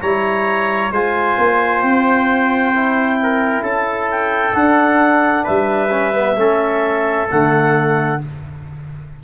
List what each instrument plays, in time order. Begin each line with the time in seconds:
0.00 tuba G3, trombone E4, trumpet C#5, clarinet A#5
0.91 tuba G#3, trombone F4, trumpet C5, clarinet G#5
1.38 tuba A#3
1.81 tuba C4, clarinet G5
2.74 trombone E4
3.23 trumpet A#4
3.62 tuba C#4, trumpet A4, clarinet A5
4.10 clarinet G5
4.52 trombone D4, tuba D4, clarinet F#5
5.43 tuba G3, trumpet B4, clarinet E5
5.90 trombone C#4
6.13 trombone B3
6.35 tuba A3, trombone C#4, trumpet A4
7.28 tuba D3, trombone A3, clarinet F#5